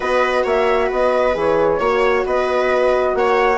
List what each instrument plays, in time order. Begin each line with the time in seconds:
0.00 bassoon B3, horn F#4, viola B4, flute D#5
0.44 bassoon A#3, viola C#5, flute E5
0.87 bassoon B3, viola B4, flute D#5
1.34 bassoon E3, horn G#4, flute C#5
1.79 bassoon A#3, horn F#4, viola C#5
2.25 bassoon B3, viola B4, flute D#5
3.14 bassoon A#3, viola C#5, flute F#5